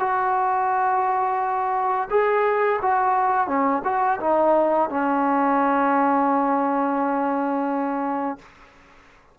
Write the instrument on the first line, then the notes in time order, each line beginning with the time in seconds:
trombone
0.00 F#4
2.11 G#4
2.82 F#4
3.48 C#4
3.85 F#4
4.21 D#4
4.90 C#4